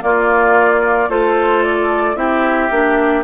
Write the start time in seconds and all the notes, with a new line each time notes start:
0.00 A#3 F4 D5
1.08 A3 F4 A4 C5
1.63 D5
2.15 C4 E4 G4 E5
2.71 A#3 D4